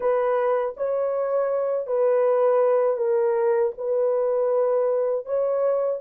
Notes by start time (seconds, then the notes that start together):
0.00 B4
0.77 C#5
1.86 B4
2.96 A#4
3.77 B4
5.25 C#5